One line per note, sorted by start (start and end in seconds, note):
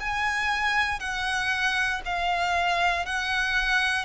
0.00 1.00 G#5
1.00 2.02 F#5
2.06 3.06 F5
3.06 4.05 F#5